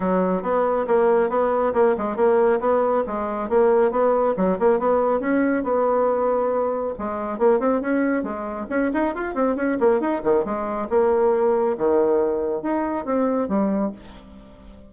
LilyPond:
\new Staff \with { instrumentName = "bassoon" } { \time 4/4 \tempo 4 = 138 fis4 b4 ais4 b4 | ais8 gis8 ais4 b4 gis4 | ais4 b4 fis8 ais8 b4 | cis'4 b2. |
gis4 ais8 c'8 cis'4 gis4 | cis'8 dis'8 f'8 c'8 cis'8 ais8 dis'8 dis8 | gis4 ais2 dis4~ | dis4 dis'4 c'4 g4 | }